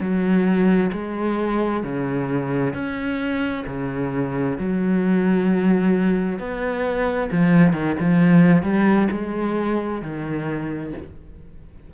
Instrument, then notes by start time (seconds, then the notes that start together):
cello
0.00 F#3
0.93 G#3
1.83 C#3
2.74 C#4
3.67 C#3
4.59 F#3
6.39 B3
7.31 F3
7.73 D#3
8.00 F3
8.63 G3
9.11 G#3
10.02 D#3